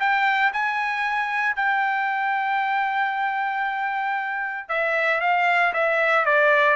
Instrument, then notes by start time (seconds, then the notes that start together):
trumpet
0.00 G5
0.53 G#5
1.56 G5
4.69 E5
5.21 F5
5.74 E5
6.26 D5